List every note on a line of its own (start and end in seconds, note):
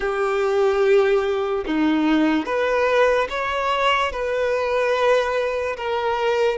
0.00 1.64 G4
1.66 2.45 D#4
2.45 3.27 B4
3.29 4.11 C#5
4.12 5.76 B4
5.76 6.58 A#4